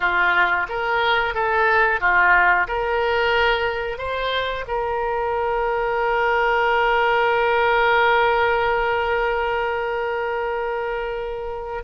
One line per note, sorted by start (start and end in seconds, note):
0.00 0.66 F4
0.68 1.34 A#4
1.34 2.00 A4
2.00 2.67 F4
2.67 3.98 A#4
3.98 4.65 C5
4.67 11.83 A#4